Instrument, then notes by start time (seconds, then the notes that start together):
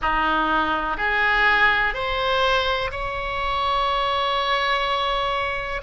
oboe
0.01 D#4
0.97 G#4
1.94 C5
2.91 C#5